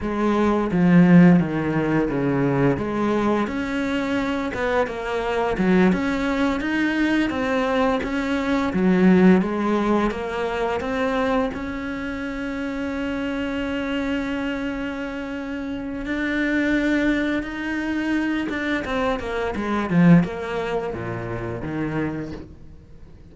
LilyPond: \new Staff \with { instrumentName = "cello" } { \time 4/4 \tempo 4 = 86 gis4 f4 dis4 cis4 | gis4 cis'4. b8 ais4 | fis8 cis'4 dis'4 c'4 cis'8~ | cis'8 fis4 gis4 ais4 c'8~ |
c'8 cis'2.~ cis'8~ | cis'2. d'4~ | d'4 dis'4. d'8 c'8 ais8 | gis8 f8 ais4 ais,4 dis4 | }